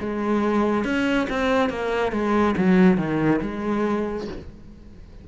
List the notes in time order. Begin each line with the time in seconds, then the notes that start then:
0.00 G#3
0.85 C#4
1.30 C4
1.70 A#3
2.12 G#3
2.57 F#3
2.98 D#3
3.42 G#3